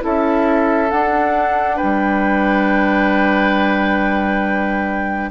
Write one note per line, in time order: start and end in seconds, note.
0.00 0.92 C#4
0.00 0.88 E4
0.00 1.77 A4
0.00 0.91 E5
0.91 5.31 D4
0.91 1.81 D4
0.91 1.78 F#5
1.77 5.30 B4
1.77 5.31 G5
1.83 5.31 G3